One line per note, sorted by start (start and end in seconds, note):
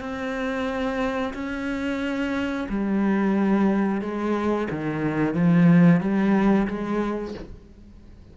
0.00 1.33 C4
1.34 2.67 C#4
2.69 4.01 G3
4.01 4.68 G#3
4.70 5.34 D#3
5.34 6.00 F3
6.00 6.67 G3
6.67 7.34 G#3